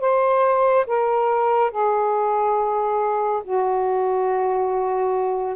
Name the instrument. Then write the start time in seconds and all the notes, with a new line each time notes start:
saxophone
0.00 C5
0.86 A#4
1.71 G#4
3.44 F#4